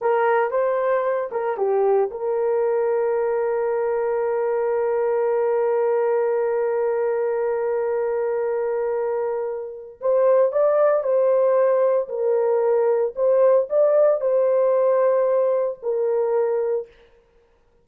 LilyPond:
\new Staff \with { instrumentName = "horn" } { \time 4/4 \tempo 4 = 114 ais'4 c''4. ais'8 g'4 | ais'1~ | ais'1~ | ais'1~ |
ais'2. c''4 | d''4 c''2 ais'4~ | ais'4 c''4 d''4 c''4~ | c''2 ais'2 | }